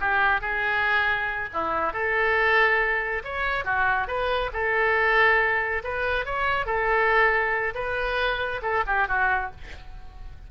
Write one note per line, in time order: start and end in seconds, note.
0.00 0.41 G4
0.41 1.49 G#4
1.53 1.93 E4
1.93 3.22 A4
3.24 3.65 C#5
3.65 4.07 F#4
4.07 4.50 B4
4.53 5.82 A4
5.84 6.25 B4
6.25 6.66 C#5
6.66 7.74 A4
7.75 8.61 B4
8.62 8.84 A4
8.86 9.08 G4
9.08 9.51 F#4